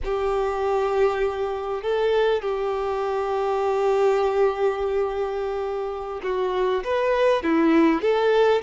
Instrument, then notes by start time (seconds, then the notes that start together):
violin
0.04 G4
1.82 A4
2.42 G4
6.23 F#4
6.83 B4
7.43 E4
8.01 A4